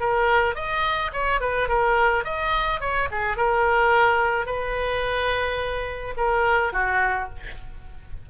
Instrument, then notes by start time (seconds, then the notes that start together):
oboe
0.00 A#4
0.56 D#5
1.13 C#5
1.40 B4
1.68 A#4
2.25 D#5
2.81 C#5
3.11 G#4
3.37 A#4
4.46 B4
6.17 A#4
6.73 F#4